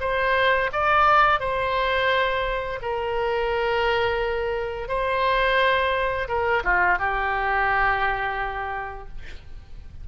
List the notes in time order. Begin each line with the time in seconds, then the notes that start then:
0.00 C5
0.72 D5
1.40 C5
2.82 A#4
4.88 C5
6.28 A#4
6.63 F4
6.98 G4